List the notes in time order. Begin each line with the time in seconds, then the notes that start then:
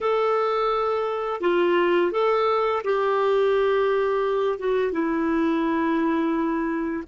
0.00 A4
1.41 F4
2.11 A4
2.84 G4
4.58 F#4
4.92 E4